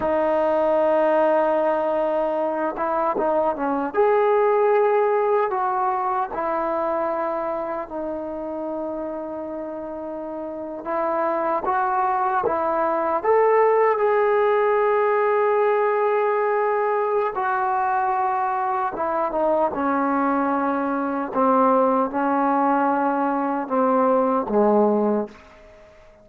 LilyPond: \new Staff \with { instrumentName = "trombone" } { \time 4/4 \tempo 4 = 76 dis'2.~ dis'8 e'8 | dis'8 cis'8 gis'2 fis'4 | e'2 dis'2~ | dis'4.~ dis'16 e'4 fis'4 e'16~ |
e'8. a'4 gis'2~ gis'16~ | gis'2 fis'2 | e'8 dis'8 cis'2 c'4 | cis'2 c'4 gis4 | }